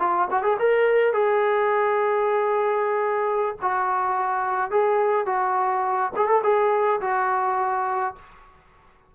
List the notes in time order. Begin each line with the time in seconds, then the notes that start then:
0.00 F4
0.31 F#4
0.43 G#4
0.59 A#4
1.14 G#4
3.62 F#4
4.71 G#4
5.26 F#4
6.17 G#4
6.28 A4
6.44 G#4
7.01 F#4